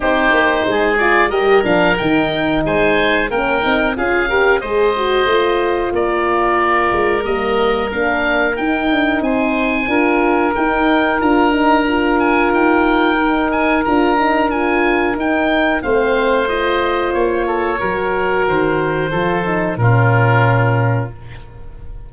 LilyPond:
<<
  \new Staff \with { instrumentName = "oboe" } { \time 4/4 \tempo 4 = 91 c''4. d''8 dis''8 f''8 g''4 | gis''4 g''4 f''4 dis''4~ | dis''4 d''2 dis''4 | f''4 g''4 gis''2 |
g''4 ais''4. gis''8 g''4~ | g''8 gis''8 ais''4 gis''4 g''4 | f''4 dis''4 cis''2 | c''2 ais'2 | }
  \new Staff \with { instrumentName = "oboe" } { \time 4/4 g'4 gis'4 ais'2 | c''4 ais'4 gis'8 ais'8 c''4~ | c''4 ais'2.~ | ais'2 c''4 ais'4~ |
ais'1~ | ais'1 | c''2~ c''8 a'8 ais'4~ | ais'4 a'4 f'2 | }
  \new Staff \with { instrumentName = "horn" } { \time 4/4 dis'4. f'8 g'8 d'8 dis'4~ | dis'4 cis'8 dis'8 f'8 g'8 gis'8 fis'8 | f'2. ais4 | d'4 dis'2 f'4 |
dis'4 f'8 dis'8 f'2 | dis'4 f'8 dis'8 f'4 dis'4 | c'4 f'2 fis'4~ | fis'4 f'8 dis'8 cis'2 | }
  \new Staff \with { instrumentName = "tuba" } { \time 4/4 c'8 ais8 gis4 g8 f8 dis4 | gis4 ais8 c'8 cis'4 gis4 | a4 ais4. gis8 g4 | ais4 dis'8 d'8 c'4 d'4 |
dis'4 d'2 dis'4~ | dis'4 d'2 dis'4 | a2 ais4 fis4 | dis4 f4 ais,2 | }
>>